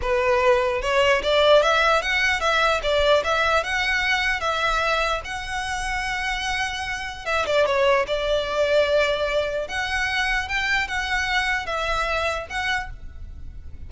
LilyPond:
\new Staff \with { instrumentName = "violin" } { \time 4/4 \tempo 4 = 149 b'2 cis''4 d''4 | e''4 fis''4 e''4 d''4 | e''4 fis''2 e''4~ | e''4 fis''2.~ |
fis''2 e''8 d''8 cis''4 | d''1 | fis''2 g''4 fis''4~ | fis''4 e''2 fis''4 | }